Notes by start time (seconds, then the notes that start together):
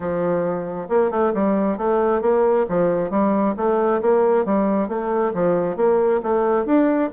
0.00 F3
0.88 A#3
1.10 A3
1.34 G3
1.77 A3
2.21 A#3
2.68 F3
3.10 G3
3.56 A3
4.01 A#3
4.45 G3
4.88 A3
5.34 F3
5.76 A#3
6.22 A3
6.65 D4